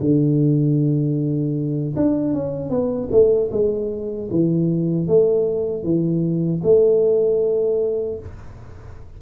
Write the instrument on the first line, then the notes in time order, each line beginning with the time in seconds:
tuba
0.00 D3
1.96 D4
2.33 C#4
2.69 B3
3.11 A3
3.51 G#3
4.30 E3
5.07 A3
5.83 E3
6.63 A3